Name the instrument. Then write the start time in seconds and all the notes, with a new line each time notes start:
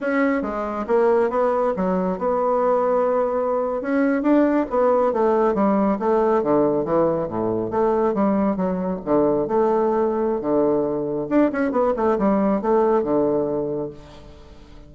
bassoon
0.00 C#4
0.42 G#3
0.87 A#3
1.29 B3
1.76 F#3
2.18 B3
3.81 C#4
4.22 D4
4.70 B3
5.12 A3
5.54 G3
5.99 A3
6.42 D3
6.84 E3
7.27 A2
7.70 A3
8.14 G3
8.56 F#3
9.05 D3
9.47 A3
10.41 D3
11.29 D4
11.52 C#4
11.71 B3
11.96 A3
12.18 G3
12.61 A3
13.03 D3